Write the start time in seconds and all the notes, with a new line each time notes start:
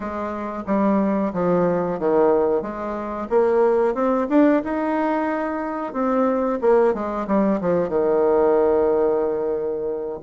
0.00 G#3
0.66 G3
1.33 F3
1.99 D#3
2.61 G#3
3.29 A#3
3.94 C4
4.29 D4
4.63 D#4
5.93 C4
6.61 A#3
6.94 G#3
7.27 G3
7.60 F3
7.88 D#3